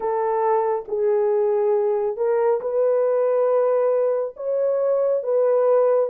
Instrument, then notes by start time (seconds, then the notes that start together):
horn
0.00 A4
0.88 G#4
2.17 A#4
2.60 B4
4.36 C#5
5.23 B4